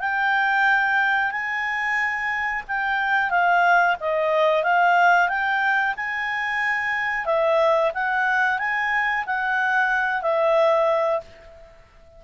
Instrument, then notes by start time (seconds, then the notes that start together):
clarinet
0.00 G5
1.31 G#5
2.68 G5
3.30 F5
4.00 D#5
4.63 F5
5.29 G5
5.96 G#5
7.26 E5
7.94 F#5
8.59 G#5
9.26 F#5
10.22 E5